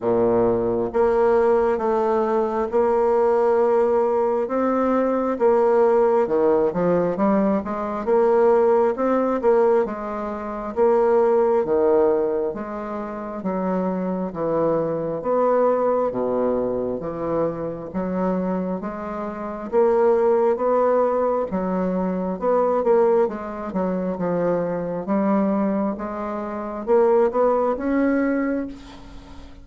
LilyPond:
\new Staff \with { instrumentName = "bassoon" } { \time 4/4 \tempo 4 = 67 ais,4 ais4 a4 ais4~ | ais4 c'4 ais4 dis8 f8 | g8 gis8 ais4 c'8 ais8 gis4 | ais4 dis4 gis4 fis4 |
e4 b4 b,4 e4 | fis4 gis4 ais4 b4 | fis4 b8 ais8 gis8 fis8 f4 | g4 gis4 ais8 b8 cis'4 | }